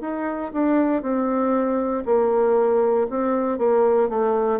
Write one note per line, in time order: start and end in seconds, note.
0.00 0.51 D#4
0.53 1.02 D4
1.02 2.03 C4
2.05 3.07 A#3
3.10 3.58 C4
3.58 4.09 A#3
4.09 4.59 A3